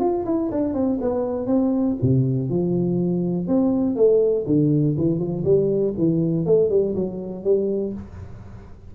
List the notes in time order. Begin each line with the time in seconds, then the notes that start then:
0.00 F4
0.26 E4
0.52 D4
0.74 C4
1.01 B3
1.47 C4
2.02 C3
2.50 F3
3.47 C4
3.96 A3
4.46 D3
4.98 E3
5.19 F3
5.44 G3
5.98 E3
6.46 A3
6.70 G3
6.95 F#3
7.44 G3